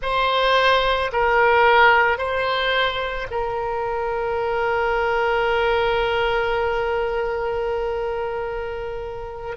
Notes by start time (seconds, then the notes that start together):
0.01 C5
1.12 A#4
2.18 C5
3.30 A#4